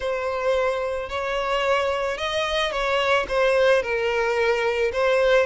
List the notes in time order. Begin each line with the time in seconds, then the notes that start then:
0.00 C5
1.09 C#5
2.17 D#5
2.71 C#5
3.28 C5
3.82 A#4
4.92 C5